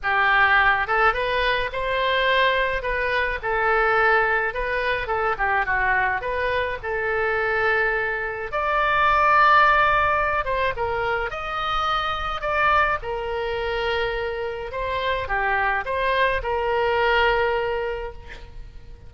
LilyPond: \new Staff \with { instrumentName = "oboe" } { \time 4/4 \tempo 4 = 106 g'4. a'8 b'4 c''4~ | c''4 b'4 a'2 | b'4 a'8 g'8 fis'4 b'4 | a'2. d''4~ |
d''2~ d''8 c''8 ais'4 | dis''2 d''4 ais'4~ | ais'2 c''4 g'4 | c''4 ais'2. | }